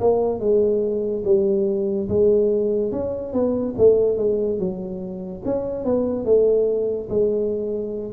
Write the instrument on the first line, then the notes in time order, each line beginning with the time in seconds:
tuba
0.00 A#3
0.40 G#3
1.25 G3
2.09 G#3
2.92 C#4
3.33 B3
3.78 A3
4.17 G#3
4.59 F#3
5.45 C#4
5.84 B3
6.25 A3
7.09 G#3